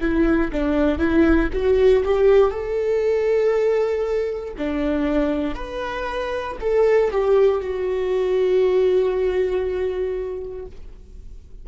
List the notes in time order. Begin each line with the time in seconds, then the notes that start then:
0.00 E4
0.52 D4
0.98 E4
1.53 F#4
2.04 G4
2.51 A4
4.57 D4
5.55 B4
6.60 A4
7.11 G4
7.61 F#4